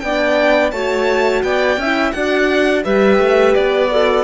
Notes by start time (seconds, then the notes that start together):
0.00 B3 D4 D5 G5
0.71 A3 F#4 C#5 A5
1.44 B3 D5 G5
1.77 C#4 E4 E5
2.12 D4 F#4 D5 F#5
2.84 G3 G4 B4 E5
3.19 A3
3.55 B3 D5
3.91 F#4 A4